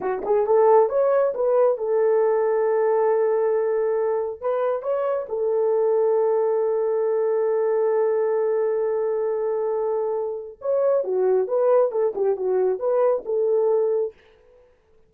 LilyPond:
\new Staff \with { instrumentName = "horn" } { \time 4/4 \tempo 4 = 136 fis'8 gis'8 a'4 cis''4 b'4 | a'1~ | a'2 b'4 cis''4 | a'1~ |
a'1~ | a'1 | cis''4 fis'4 b'4 a'8 g'8 | fis'4 b'4 a'2 | }